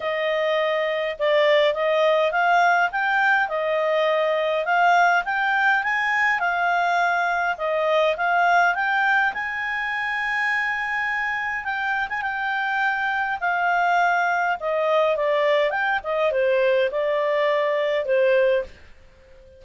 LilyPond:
\new Staff \with { instrumentName = "clarinet" } { \time 4/4 \tempo 4 = 103 dis''2 d''4 dis''4 | f''4 g''4 dis''2 | f''4 g''4 gis''4 f''4~ | f''4 dis''4 f''4 g''4 |
gis''1 | g''8. gis''16 g''2 f''4~ | f''4 dis''4 d''4 g''8 dis''8 | c''4 d''2 c''4 | }